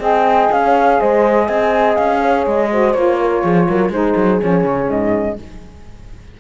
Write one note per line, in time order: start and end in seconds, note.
0.00 0.49 C4
0.00 2.68 G#4
0.00 0.62 D#5
0.00 0.53 G5
0.52 1.01 C#4
0.52 1.01 F5
0.64 1.00 C#5
1.00 1.49 G#3
1.00 1.47 C5
1.00 1.49 D#5
1.47 1.98 C4
1.47 2.20 D#5
1.47 1.96 G#5
1.96 2.47 C#4
1.96 2.45 F5
2.22 2.71 C#5
2.47 2.95 G#3
2.47 2.93 D#5
2.71 2.95 F#4
2.71 3.21 C5
2.93 3.43 A#3
2.93 3.92 F4
2.93 3.91 C#5
3.21 3.44 A#4
3.44 3.69 F3
3.44 3.69 G#4
3.69 3.90 F#3
3.69 3.94 A#4
3.90 4.14 G#3
3.90 4.41 D#4
3.90 5.40 G#4
3.90 4.41 C5
4.17 4.41 F#3
4.41 4.64 F3
4.41 5.38 C#4
4.41 4.90 C#5
4.64 4.89 C#3
4.90 5.39 G#2
4.90 5.39 D#5